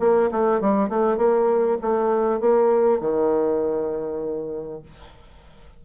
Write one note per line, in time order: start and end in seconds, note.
0.00 0.30 A#3
0.32 0.61 A3
0.61 0.90 G3
0.90 1.18 A3
1.18 1.78 A#3
1.82 2.40 A3
2.40 3.01 A#3
3.01 4.82 D#3